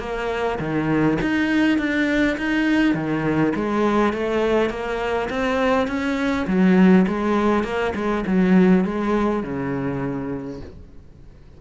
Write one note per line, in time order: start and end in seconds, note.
0.00 0.59 A#3
0.59 1.18 D#3
1.22 1.78 D#4
1.78 2.37 D4
2.38 2.95 D#4
2.95 3.53 D#3
3.56 4.14 G#3
4.14 4.70 A3
4.70 5.29 A#3
5.30 5.88 C4
5.88 6.47 C#4
6.47 7.06 F#3
7.08 7.64 G#3
7.64 7.94 A#3
7.95 8.25 G#3
8.27 8.85 F#3
8.85 9.43 G#3
9.43 10.61 C#3